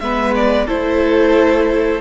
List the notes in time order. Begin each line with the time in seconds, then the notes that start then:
0.00 G#3 B3 B4 E5
0.35 D5
0.67 A3 E4 A4 C5